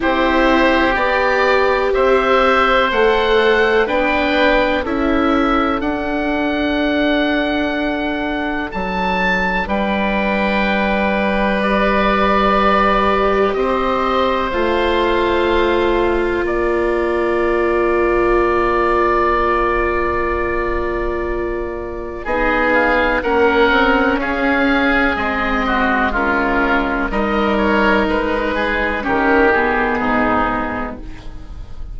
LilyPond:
<<
  \new Staff \with { instrumentName = "oboe" } { \time 4/4 \tempo 4 = 62 c''4 d''4 e''4 fis''4 | g''4 e''4 fis''2~ | fis''4 a''4 g''2 | d''2 dis''4 f''4~ |
f''4 d''2.~ | d''2. dis''8 f''8 | fis''4 f''4 dis''4 ais'4 | dis''8 cis''8 b'4 ais'8 gis'4. | }
  \new Staff \with { instrumentName = "oboe" } { \time 4/4 g'2 c''2 | b'4 a'2.~ | a'2 b'2~ | b'2 c''2~ |
c''4 ais'2.~ | ais'2. gis'4 | ais'4 gis'4. fis'8 f'4 | ais'4. gis'8 g'4 dis'4 | }
  \new Staff \with { instrumentName = "viola" } { \time 4/4 e'4 g'2 a'4 | d'4 e'4 d'2~ | d'1 | g'2. f'4~ |
f'1~ | f'2. dis'4 | cis'2 c'4 cis'4 | dis'2 cis'8 b4. | }
  \new Staff \with { instrumentName = "bassoon" } { \time 4/4 c'4 b4 c'4 a4 | b4 cis'4 d'2~ | d'4 fis4 g2~ | g2 c'4 a4~ |
a4 ais2.~ | ais2. b4 | ais8 c'8 cis'4 gis2 | g4 gis4 dis4 gis,4 | }
>>